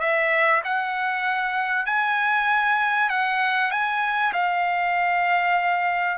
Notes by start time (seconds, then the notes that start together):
0.00 E5
0.64 F#5
1.86 G#5
3.10 F#5
3.71 G#5
4.33 F5